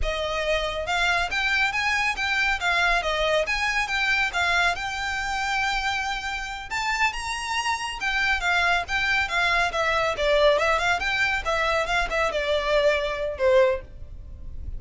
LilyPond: \new Staff \with { instrumentName = "violin" } { \time 4/4 \tempo 4 = 139 dis''2 f''4 g''4 | gis''4 g''4 f''4 dis''4 | gis''4 g''4 f''4 g''4~ | g''2.~ g''8 a''8~ |
a''8 ais''2 g''4 f''8~ | f''8 g''4 f''4 e''4 d''8~ | d''8 e''8 f''8 g''4 e''4 f''8 | e''8 d''2~ d''8 c''4 | }